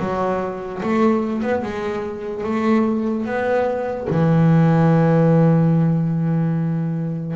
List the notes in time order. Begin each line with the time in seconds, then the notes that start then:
0.00 F#3
0.83 A3
1.43 B3
1.63 G#3
2.44 A3
3.26 B3
4.10 E3